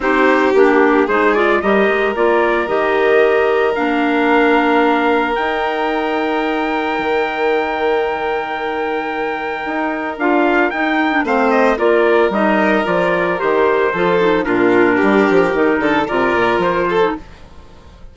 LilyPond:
<<
  \new Staff \with { instrumentName = "trumpet" } { \time 4/4 \tempo 4 = 112 c''4 g'4 c''8 d''8 dis''4 | d''4 dis''2 f''4~ | f''2 g''2~ | g''1~ |
g''2. f''4 | g''4 f''8 dis''8 d''4 dis''4 | d''4 c''2 ais'4~ | ais'2 d''4 c''4 | }
  \new Staff \with { instrumentName = "violin" } { \time 4/4 g'2 gis'4 ais'4~ | ais'1~ | ais'1~ | ais'1~ |
ais'1~ | ais'4 c''4 ais'2~ | ais'2 a'4 f'4 | g'4. a'8 ais'4. a'8 | }
  \new Staff \with { instrumentName = "clarinet" } { \time 4/4 dis'4 d'4 dis'8 f'8 g'4 | f'4 g'2 d'4~ | d'2 dis'2~ | dis'1~ |
dis'2. f'4 | dis'8. d'16 c'4 f'4 dis'4 | f'4 g'4 f'8 dis'8 d'4~ | d'4 dis'4 f'4.~ f'16 dis'16 | }
  \new Staff \with { instrumentName = "bassoon" } { \time 4/4 c'4 ais4 gis4 g8 gis8 | ais4 dis2 ais4~ | ais2 dis'2~ | dis'4 dis2.~ |
dis2 dis'4 d'4 | dis'4 a4 ais4 g4 | f4 dis4 f4 ais,4 | g8 f8 dis8 d8 c8 ais,8 f4 | }
>>